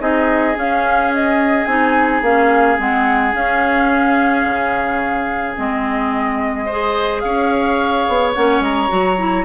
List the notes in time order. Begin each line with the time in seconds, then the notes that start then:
0.00 C4 D#4 G#4 D#5
0.55 C#4 F5
1.15 D#5
1.66 C4 D#4 G#5
2.22 A#3 C#4 F5
2.78 G#3 C4 F#5
3.33 C#4 F5
4.45 C#3
5.57 G#3 C4 D#5
6.66 G#4 C5
7.21 C#4 C#5 F5
8.08 B3
8.35 A#3 C#4 F#5
8.60 G#3 A#5
8.89 F#3 F#4
9.18 E4